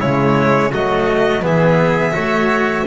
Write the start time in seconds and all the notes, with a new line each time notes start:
0.00 C#3 G#3 E4 C#5
0.72 F#3 A3 F#4 D#5
1.42 E3 B3 G#4 E5
2.12 A3 F#4 C#5